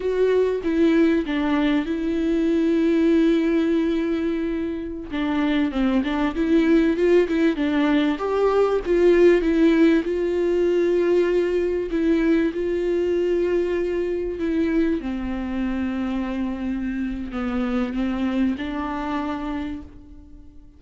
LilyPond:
\new Staff \with { instrumentName = "viola" } { \time 4/4 \tempo 4 = 97 fis'4 e'4 d'4 e'4~ | e'1~ | e'16 d'4 c'8 d'8 e'4 f'8 e'16~ | e'16 d'4 g'4 f'4 e'8.~ |
e'16 f'2. e'8.~ | e'16 f'2. e'8.~ | e'16 c'2.~ c'8. | b4 c'4 d'2 | }